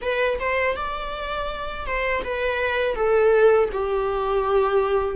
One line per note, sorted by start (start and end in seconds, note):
0.01 0.38 B4
0.39 0.76 C5
0.76 1.86 D5
1.86 2.23 C5
2.24 2.95 B4
2.95 3.69 A4
3.72 5.16 G4